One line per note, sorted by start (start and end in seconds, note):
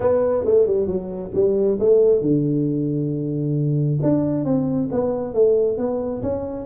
0.00 0.44 B3
0.44 0.66 A3
0.66 0.86 G3
0.86 1.31 F#3
1.34 1.78 G3
1.79 2.21 A3
2.21 3.99 D3
4.02 4.44 D4
4.44 4.89 C4
4.91 5.33 B3
5.33 5.77 A3
5.77 6.22 B3
6.22 6.65 C#4